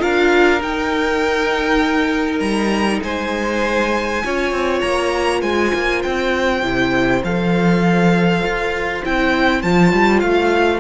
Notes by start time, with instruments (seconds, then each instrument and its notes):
0.00 cello D4, viola F4, violin A#4 F5
0.61 viola D#4, cello D#4, violin G5
2.39 cello G3, violin A#5
3.03 cello G#3, violin C5 G#5
4.24 cello C#4, viola F4, violin C#5
4.52 cello C4
4.81 cello A#3, violin A#5
5.41 cello G#3, violin C5 G#5
5.75 cello A#3
6.03 cello C4, violin G5
6.63 cello C3, viola E4
7.24 cello F3, viola A4, violin F5
8.43 cello F4
9.04 cello C4, viola E4, violin G5
9.62 cello F3, viola F4, violin A5
9.93 cello G3
10.20 cello A3, violin F5